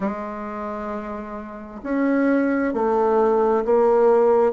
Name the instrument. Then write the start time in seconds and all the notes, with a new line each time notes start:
bassoon
0.00 G#3
1.83 C#4
2.73 A3
3.64 A#3